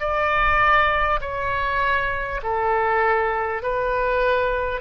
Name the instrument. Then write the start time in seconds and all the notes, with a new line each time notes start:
oboe
0.00 D5
1.21 C#5
2.43 A4
3.63 B4